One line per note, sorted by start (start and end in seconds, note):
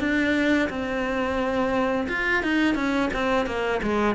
0.00 0.69 D4
0.70 2.08 C4
2.08 2.43 F4
2.43 2.75 D#4
2.75 3.10 C#4
3.13 3.46 C4
3.46 3.81 A#3
3.82 4.15 G#3